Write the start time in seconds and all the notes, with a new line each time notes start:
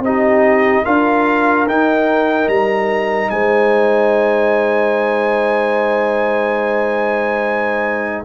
0.00 C4 D#4 G4 D#5
0.85 D4 F4 A#4 F5
1.67 D#4 G5
2.48 G3 A#5
3.30 G#3 C5 G#5